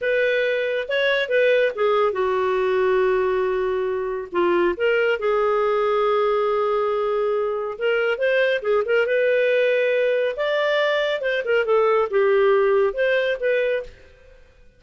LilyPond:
\new Staff \with { instrumentName = "clarinet" } { \time 4/4 \tempo 4 = 139 b'2 cis''4 b'4 | gis'4 fis'2.~ | fis'2 f'4 ais'4 | gis'1~ |
gis'2 ais'4 c''4 | gis'8 ais'8 b'2. | d''2 c''8 ais'8 a'4 | g'2 c''4 b'4 | }